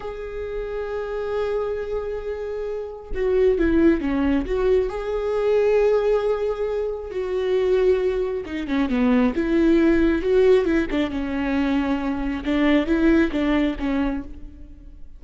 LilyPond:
\new Staff \with { instrumentName = "viola" } { \time 4/4 \tempo 4 = 135 gis'1~ | gis'2. fis'4 | e'4 cis'4 fis'4 gis'4~ | gis'1 |
fis'2. dis'8 cis'8 | b4 e'2 fis'4 | e'8 d'8 cis'2. | d'4 e'4 d'4 cis'4 | }